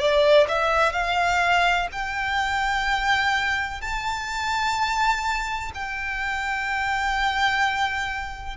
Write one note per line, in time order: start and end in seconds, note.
0.00 0.48 D5
0.49 0.93 E5
0.93 1.88 F5
1.92 3.81 G5
3.81 5.72 A5
5.75 8.57 G5